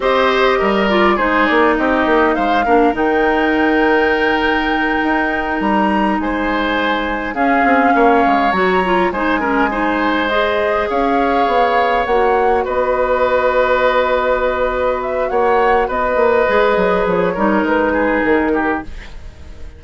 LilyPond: <<
  \new Staff \with { instrumentName = "flute" } { \time 4/4 \tempo 4 = 102 dis''4. d''8 c''8 d''8 dis''4 | f''4 g''2.~ | g''4. ais''4 gis''4.~ | gis''8 f''2 ais''4 gis''8~ |
gis''4. dis''4 f''4.~ | f''8 fis''4 dis''2~ dis''8~ | dis''4. e''8 fis''4 dis''4~ | dis''4 cis''4 b'4 ais'4 | }
  \new Staff \with { instrumentName = "oboe" } { \time 4/4 c''4 ais'4 gis'4 g'4 | c''8 ais'2.~ ais'8~ | ais'2~ ais'8 c''4.~ | c''8 gis'4 cis''2 c''8 |
ais'8 c''2 cis''4.~ | cis''4. b'2~ b'8~ | b'2 cis''4 b'4~ | b'4. ais'4 gis'4 g'8 | }
  \new Staff \with { instrumentName = "clarinet" } { \time 4/4 g'4. f'8 dis'2~ | dis'8 d'8 dis'2.~ | dis'1~ | dis'8 cis'2 fis'8 f'8 dis'8 |
cis'8 dis'4 gis'2~ gis'8~ | gis'8 fis'2.~ fis'8~ | fis'1 | gis'4. dis'2~ dis'8 | }
  \new Staff \with { instrumentName = "bassoon" } { \time 4/4 c'4 g4 gis8 ais8 c'8 ais8 | gis8 ais8 dis2.~ | dis8 dis'4 g4 gis4.~ | gis8 cis'8 c'8 ais8 gis8 fis4 gis8~ |
gis2~ gis8 cis'4 b8~ | b8 ais4 b2~ b8~ | b2 ais4 b8 ais8 | gis8 fis8 f8 g8 gis4 dis4 | }
>>